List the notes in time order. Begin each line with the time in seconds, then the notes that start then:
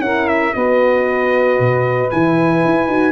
0.00 C#4 E4 A#4 F#5
0.28 E5
0.54 B3 F#4 B4 D#5
1.59 B2
2.10 E3 E4 G#5
2.64 E4
2.87 D#4 F#4